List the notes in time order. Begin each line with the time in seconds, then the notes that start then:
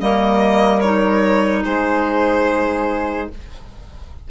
0.00 G3 A#3 A#4 D#5
0.80 D#4 C#5
1.64 G#3 G#4 C5